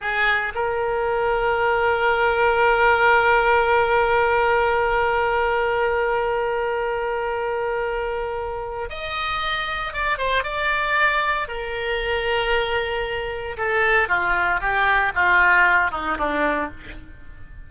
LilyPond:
\new Staff \with { instrumentName = "oboe" } { \time 4/4 \tempo 4 = 115 gis'4 ais'2.~ | ais'1~ | ais'1~ | ais'1~ |
ais'4 dis''2 d''8 c''8 | d''2 ais'2~ | ais'2 a'4 f'4 | g'4 f'4. dis'8 d'4 | }